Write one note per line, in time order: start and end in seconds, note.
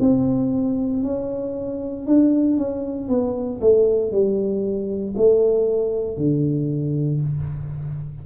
0.00 1.03 C4
1.03 2.06 C#4
2.06 2.57 D4
2.57 3.08 C#4
3.08 3.60 B3
3.61 4.11 A3
4.11 5.15 G3
5.17 6.17 A3
6.17 7.21 D3